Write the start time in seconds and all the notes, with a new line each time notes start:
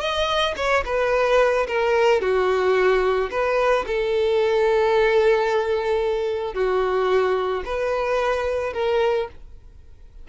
0.00 D#5
0.56 C#5
0.85 B4
1.68 A#4
2.21 F#4
3.31 B4
3.87 A4
6.54 F#4
7.65 B4
8.73 A#4